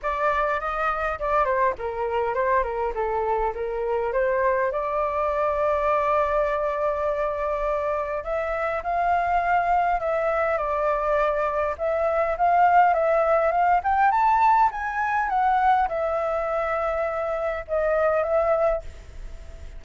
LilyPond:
\new Staff \with { instrumentName = "flute" } { \time 4/4 \tempo 4 = 102 d''4 dis''4 d''8 c''8 ais'4 | c''8 ais'8 a'4 ais'4 c''4 | d''1~ | d''2 e''4 f''4~ |
f''4 e''4 d''2 | e''4 f''4 e''4 f''8 g''8 | a''4 gis''4 fis''4 e''4~ | e''2 dis''4 e''4 | }